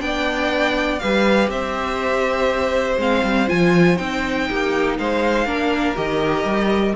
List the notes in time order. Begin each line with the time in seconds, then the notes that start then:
0.00 B3 D4 D5 G5
1.00 G3 G4 B4 F5
1.49 C4 C5 E5
2.98 G#3 C4 F5
3.24 G3
3.48 F3 F4 G#5
3.97 C4 D#4 G5
4.49 A#3 G4
4.99 G#3 C5 F5
5.46 A#3 D4 A#4
5.96 D#3 G4 D#5
6.45 G3